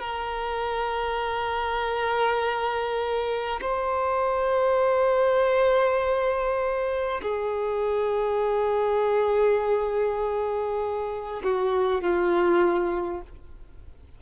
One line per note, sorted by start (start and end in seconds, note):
0.00 3.60 A#4
3.61 7.21 C5
7.22 11.42 G#4
11.43 12.01 F#4
12.01 13.21 F4